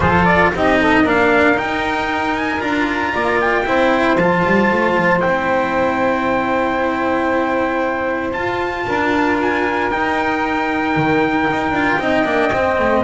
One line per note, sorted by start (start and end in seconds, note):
0.00 0.50 F3
0.00 0.54 F4
0.00 0.52 A4
0.00 0.24 C5
0.24 0.51 D5
0.53 1.04 C4
0.53 1.05 D#4
0.53 0.79 G4
0.53 1.08 D#5
0.79 1.02 A4
1.02 1.57 A#3
1.02 1.54 D4
1.02 3.10 A#4
1.08 1.58 F5
1.54 2.58 D#4
1.54 2.61 D#4
1.54 2.36 G5
2.36 2.60 G#5
2.59 3.13 D4
2.59 3.64 F4
2.59 3.38 A#5
3.12 3.67 A#3
3.12 3.64 D5
3.40 4.17 G5
3.65 4.17 C4
3.65 4.17 E4
3.65 8.86 C5
4.17 4.43 F3
4.17 5.19 F4
4.17 5.20 A5
4.45 4.71 G3
4.71 4.97 A3
4.97 5.23 F3
5.19 8.33 C4
5.19 8.32 E4
5.19 8.32 G5
8.32 9.89 F4
8.32 8.86 F4
8.32 9.37 A5
8.86 9.91 D4
8.86 11.99 A#4
9.41 9.90 G#5
9.90 10.95 D#4
9.90 11.75 D#4
9.90 13.03 G5
10.96 11.48 D#3
11.50 11.70 D#4
11.70 11.96 D4
11.70 12.00 F4
11.98 12.24 C4
11.98 12.24 D#4
11.98 13.03 D#5
12.24 12.50 A#3
12.24 12.51 D4
12.52 12.78 C4
12.52 13.03 C4
12.78 13.03 A3